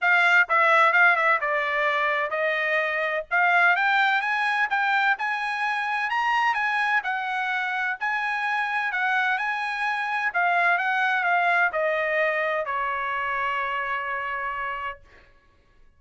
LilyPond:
\new Staff \with { instrumentName = "trumpet" } { \time 4/4 \tempo 4 = 128 f''4 e''4 f''8 e''8 d''4~ | d''4 dis''2 f''4 | g''4 gis''4 g''4 gis''4~ | gis''4 ais''4 gis''4 fis''4~ |
fis''4 gis''2 fis''4 | gis''2 f''4 fis''4 | f''4 dis''2 cis''4~ | cis''1 | }